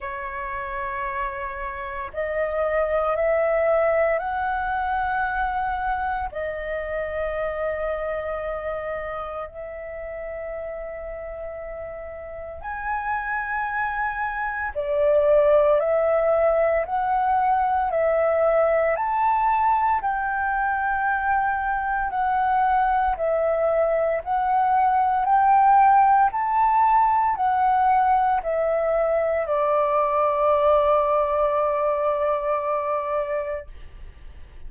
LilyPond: \new Staff \with { instrumentName = "flute" } { \time 4/4 \tempo 4 = 57 cis''2 dis''4 e''4 | fis''2 dis''2~ | dis''4 e''2. | gis''2 d''4 e''4 |
fis''4 e''4 a''4 g''4~ | g''4 fis''4 e''4 fis''4 | g''4 a''4 fis''4 e''4 | d''1 | }